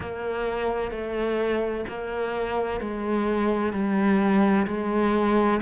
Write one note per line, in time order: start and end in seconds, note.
0.00 0.91 A#3
0.91 1.85 A3
1.88 2.80 A#3
2.80 3.72 G#3
3.72 4.66 G3
4.66 5.60 G#3